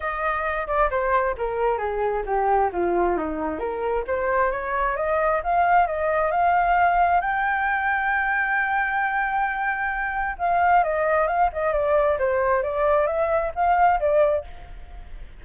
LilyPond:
\new Staff \with { instrumentName = "flute" } { \time 4/4 \tempo 4 = 133 dis''4. d''8 c''4 ais'4 | gis'4 g'4 f'4 dis'4 | ais'4 c''4 cis''4 dis''4 | f''4 dis''4 f''2 |
g''1~ | g''2. f''4 | dis''4 f''8 dis''8 d''4 c''4 | d''4 e''4 f''4 d''4 | }